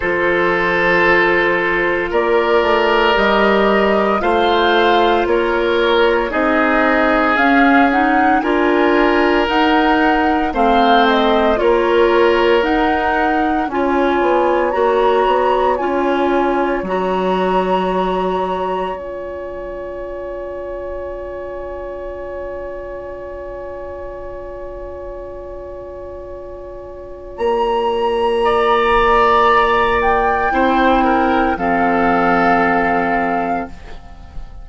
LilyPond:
<<
  \new Staff \with { instrumentName = "flute" } { \time 4/4 \tempo 4 = 57 c''2 d''4 dis''4 | f''4 cis''4 dis''4 f''8 fis''8 | gis''4 fis''4 f''8 dis''8 cis''4 | fis''4 gis''4 ais''4 gis''4 |
ais''2 gis''2~ | gis''1~ | gis''2 ais''2~ | ais''8 g''4. f''2 | }
  \new Staff \with { instrumentName = "oboe" } { \time 4/4 a'2 ais'2 | c''4 ais'4 gis'2 | ais'2 c''4 ais'4~ | ais'4 cis''2.~ |
cis''1~ | cis''1~ | cis''2. d''4~ | d''4 c''8 ais'8 a'2 | }
  \new Staff \with { instrumentName = "clarinet" } { \time 4/4 f'2. g'4 | f'2 dis'4 cis'8 dis'8 | f'4 dis'4 c'4 f'4 | dis'4 f'4 fis'4 f'4 |
fis'2 f'2~ | f'1~ | f'1~ | f'4 e'4 c'2 | }
  \new Staff \with { instrumentName = "bassoon" } { \time 4/4 f2 ais8 a8 g4 | a4 ais4 c'4 cis'4 | d'4 dis'4 a4 ais4 | dis'4 cis'8 b8 ais8 b8 cis'4 |
fis2 cis'2~ | cis'1~ | cis'2 ais2~ | ais4 c'4 f2 | }
>>